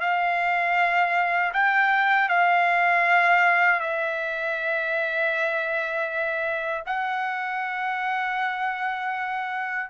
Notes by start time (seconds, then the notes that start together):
0.00 F5
1.53 G5
2.29 F5
3.80 E5
6.86 F#5